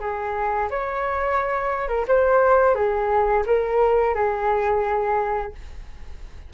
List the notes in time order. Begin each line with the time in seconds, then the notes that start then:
0.00 G#4
0.70 C#5
1.88 A#4
2.08 C5
2.75 G#4
3.46 A#4
4.15 G#4